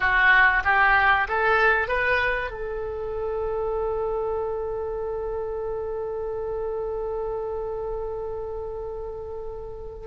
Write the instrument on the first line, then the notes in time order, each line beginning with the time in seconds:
oboe
0.00 F#4
0.64 G4
1.28 A4
1.88 B4
2.51 A4